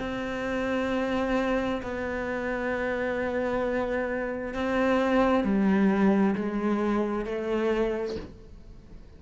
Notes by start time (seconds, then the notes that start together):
0.00 C4
1.83 B3
4.54 C4
5.44 G3
6.36 G#3
7.26 A3